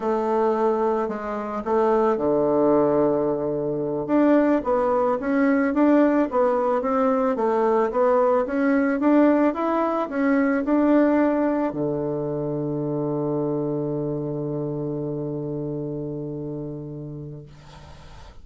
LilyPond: \new Staff \with { instrumentName = "bassoon" } { \time 4/4 \tempo 4 = 110 a2 gis4 a4 | d2.~ d8 d'8~ | d'8 b4 cis'4 d'4 b8~ | b8 c'4 a4 b4 cis'8~ |
cis'8 d'4 e'4 cis'4 d'8~ | d'4. d2~ d8~ | d1~ | d1 | }